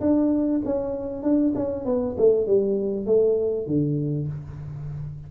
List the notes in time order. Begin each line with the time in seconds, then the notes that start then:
0.00 D4
0.65 C#4
1.22 D4
1.55 C#4
1.85 B3
2.18 A3
2.47 G3
3.06 A3
3.67 D3